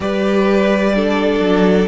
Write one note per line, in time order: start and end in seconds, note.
0.00 1.39 G3
0.00 0.92 G4
0.00 0.95 B4
0.00 1.87 D5
0.94 1.87 D4
0.94 1.87 A4
1.39 1.86 F#3